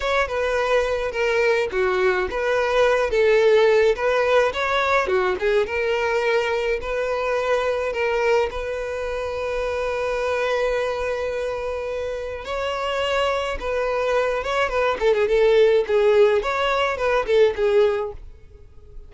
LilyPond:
\new Staff \with { instrumentName = "violin" } { \time 4/4 \tempo 4 = 106 cis''8 b'4. ais'4 fis'4 | b'4. a'4. b'4 | cis''4 fis'8 gis'8 ais'2 | b'2 ais'4 b'4~ |
b'1~ | b'2 cis''2 | b'4. cis''8 b'8 a'16 gis'16 a'4 | gis'4 cis''4 b'8 a'8 gis'4 | }